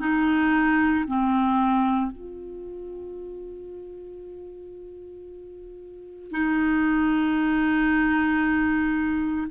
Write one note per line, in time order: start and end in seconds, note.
0.00 1.05 D#4
1.08 2.11 C4
2.11 6.32 F4
6.32 9.47 D#4